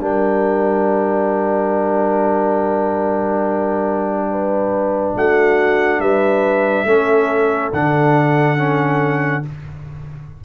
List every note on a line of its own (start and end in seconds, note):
0.00 5.15 G3
0.00 6.87 D4
0.00 4.30 A#4
0.00 5.14 G5
4.31 5.17 B4
5.15 6.00 A3
5.15 6.00 F#4
5.15 6.01 F#5
6.00 6.85 G3
6.00 6.86 B4
6.00 7.72 E5
6.85 7.70 A3
6.85 7.73 C#4
6.85 9.43 A4
7.73 9.44 D3
7.73 8.57 D4
7.73 9.45 F#5
8.57 9.43 C#4